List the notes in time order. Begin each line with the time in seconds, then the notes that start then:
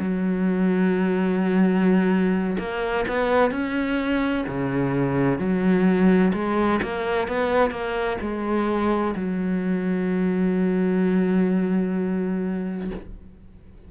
0.00 F#3
2.59 A#3
3.08 B3
3.52 C#4
4.48 C#3
5.39 F#3
6.34 G#3
6.83 A#3
7.28 B3
7.71 A#3
8.22 G#3
9.16 F#3